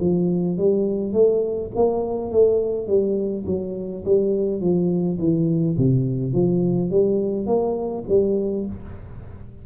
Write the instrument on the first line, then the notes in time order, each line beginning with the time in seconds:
tuba
0.00 F3
0.58 G3
1.13 A3
1.76 A#3
2.31 A3
2.87 G3
3.46 F#3
4.05 G3
4.61 F3
5.19 E3
5.77 C3
6.33 F3
6.91 G3
7.46 A#3
8.08 G3